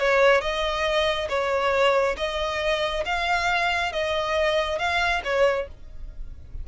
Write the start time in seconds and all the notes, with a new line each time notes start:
0.00 C#5
0.42 D#5
1.29 C#5
2.17 D#5
3.06 F5
3.93 D#5
4.79 F5
5.25 C#5